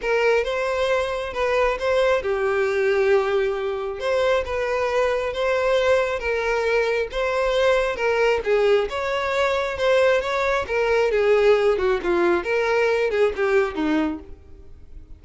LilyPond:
\new Staff \with { instrumentName = "violin" } { \time 4/4 \tempo 4 = 135 ais'4 c''2 b'4 | c''4 g'2.~ | g'4 c''4 b'2 | c''2 ais'2 |
c''2 ais'4 gis'4 | cis''2 c''4 cis''4 | ais'4 gis'4. fis'8 f'4 | ais'4. gis'8 g'4 dis'4 | }